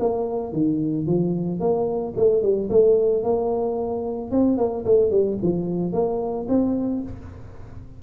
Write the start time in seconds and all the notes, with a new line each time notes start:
0.00 A#3
0.53 D#3
1.07 F3
1.60 A#3
2.17 A3
2.43 G3
2.70 A3
3.24 A#3
4.31 C4
4.58 A#3
4.85 A3
5.11 G3
5.43 F3
5.93 A#3
6.49 C4